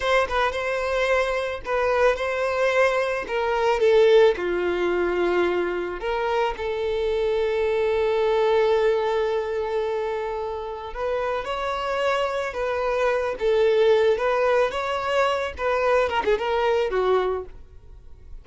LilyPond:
\new Staff \with { instrumentName = "violin" } { \time 4/4 \tempo 4 = 110 c''8 b'8 c''2 b'4 | c''2 ais'4 a'4 | f'2. ais'4 | a'1~ |
a'1 | b'4 cis''2 b'4~ | b'8 a'4. b'4 cis''4~ | cis''8 b'4 ais'16 gis'16 ais'4 fis'4 | }